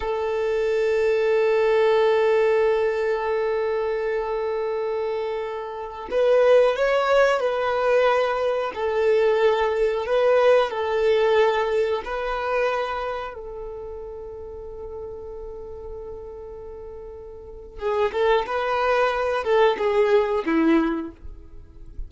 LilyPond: \new Staff \with { instrumentName = "violin" } { \time 4/4 \tempo 4 = 91 a'1~ | a'1~ | a'4~ a'16 b'4 cis''4 b'8.~ | b'4~ b'16 a'2 b'8.~ |
b'16 a'2 b'4.~ b'16~ | b'16 a'2.~ a'8.~ | a'2. gis'8 a'8 | b'4. a'8 gis'4 e'4 | }